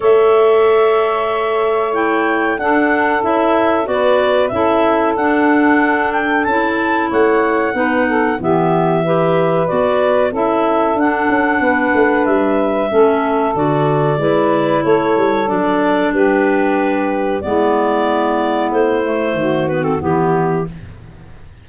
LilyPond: <<
  \new Staff \with { instrumentName = "clarinet" } { \time 4/4 \tempo 4 = 93 e''2. g''4 | fis''4 e''4 d''4 e''4 | fis''4. g''8 a''4 fis''4~ | fis''4 e''2 d''4 |
e''4 fis''2 e''4~ | e''4 d''2 cis''4 | d''4 b'2 d''4~ | d''4 c''4. b'16 a'16 g'4 | }
  \new Staff \with { instrumentName = "saxophone" } { \time 4/4 cis''1 | a'2 b'4 a'4~ | a'2. cis''4 | b'8 a'8 g'4 b'2 |
a'2 b'2 | a'2 b'4 a'4~ | a'4 g'2 e'4~ | e'2 fis'4 e'4 | }
  \new Staff \with { instrumentName = "clarinet" } { \time 4/4 a'2. e'4 | d'4 e'4 fis'4 e'4 | d'2 e'2 | dis'4 b4 g'4 fis'4 |
e'4 d'2. | cis'4 fis'4 e'2 | d'2. b4~ | b4. a4 b16 c'16 b4 | }
  \new Staff \with { instrumentName = "tuba" } { \time 4/4 a1 | d'4 cis'4 b4 cis'4 | d'2 cis'4 a4 | b4 e2 b4 |
cis'4 d'8 cis'8 b8 a8 g4 | a4 d4 gis4 a8 g8 | fis4 g2 gis4~ | gis4 a4 dis4 e4 | }
>>